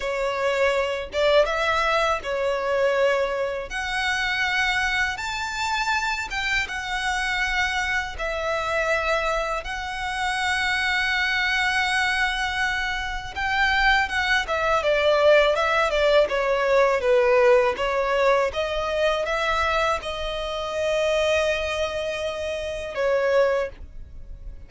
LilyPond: \new Staff \with { instrumentName = "violin" } { \time 4/4 \tempo 4 = 81 cis''4. d''8 e''4 cis''4~ | cis''4 fis''2 a''4~ | a''8 g''8 fis''2 e''4~ | e''4 fis''2.~ |
fis''2 g''4 fis''8 e''8 | d''4 e''8 d''8 cis''4 b'4 | cis''4 dis''4 e''4 dis''4~ | dis''2. cis''4 | }